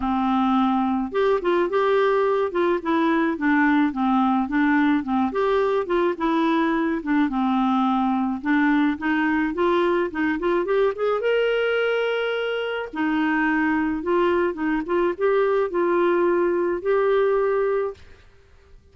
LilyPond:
\new Staff \with { instrumentName = "clarinet" } { \time 4/4 \tempo 4 = 107 c'2 g'8 f'8 g'4~ | g'8 f'8 e'4 d'4 c'4 | d'4 c'8 g'4 f'8 e'4~ | e'8 d'8 c'2 d'4 |
dis'4 f'4 dis'8 f'8 g'8 gis'8 | ais'2. dis'4~ | dis'4 f'4 dis'8 f'8 g'4 | f'2 g'2 | }